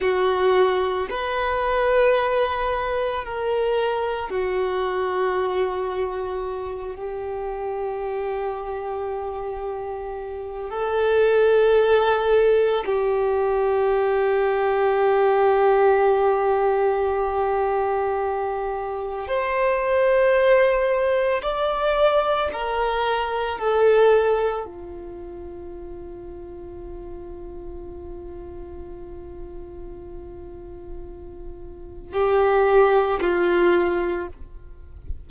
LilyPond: \new Staff \with { instrumentName = "violin" } { \time 4/4 \tempo 4 = 56 fis'4 b'2 ais'4 | fis'2~ fis'8 g'4.~ | g'2 a'2 | g'1~ |
g'2 c''2 | d''4 ais'4 a'4 f'4~ | f'1~ | f'2 g'4 f'4 | }